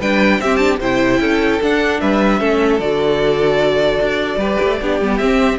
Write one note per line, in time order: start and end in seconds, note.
0.00 0.39 G3
0.00 0.42 D4
0.00 0.40 B4
0.00 0.41 G5
0.39 0.79 C4
0.39 0.59 C4
0.39 0.80 G4
0.39 0.57 E5
0.57 0.79 D4
0.57 0.77 A5
0.80 1.20 C3
0.80 1.61 E4
0.80 1.20 C5
0.80 1.62 G5
1.20 1.60 C#4
1.20 2.01 A4
1.62 2.40 D4
1.62 2.02 D4
1.62 2.00 F#5
2.00 2.41 G3
2.00 2.40 B4
2.00 2.80 E5
2.40 2.80 A3
2.40 2.80 C#4
2.40 4.39 A4
2.80 4.00 D3
2.80 4.40 F#4
2.80 5.18 D5
4.01 4.37 D4
4.37 4.57 G3
4.37 4.79 G4
4.37 4.79 B4
4.64 4.81 A3
4.81 5.00 B3
4.81 5.02 D4
4.81 5.59 G4
5.00 5.20 G3
5.00 5.22 B3
5.18 5.59 C4
5.18 5.58 E5